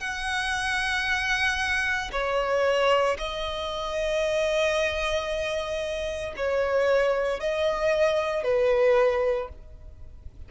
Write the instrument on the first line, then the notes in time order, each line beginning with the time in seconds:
violin
0.00 F#5
2.12 C#5
3.18 D#5
6.36 C#5
7.40 D#5
8.44 B4